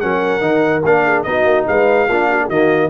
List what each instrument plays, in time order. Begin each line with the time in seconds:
0.00 tuba F#3, trombone C#4, horn A#4, trumpet F#5
0.40 tuba D#3, trombone D#4
0.84 tuba A#3, trombone D4, trumpet F5
1.05 horn G#4
1.23 tuba B3, trombone D#4, horn F#4, trumpet D#5
1.45 tuba A#3
1.67 tuba G#3, horn B4, trumpet F5
2.08 tuba A#3, trombone D4, horn F4
2.30 horn F#4
2.41 horn G#4
2.47 tuba D#3, trombone A#3, horn F#4, trumpet D#5